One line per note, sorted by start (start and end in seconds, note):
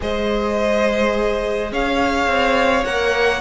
0.00 1.71 G#3
0.00 2.85 G#4
0.00 1.72 C5
0.00 1.73 D#5
1.71 2.27 C#4
1.71 3.40 C#5
1.71 2.84 F5
2.27 2.84 C4
2.84 3.40 A#3
2.84 3.40 A#4
2.84 3.40 F#5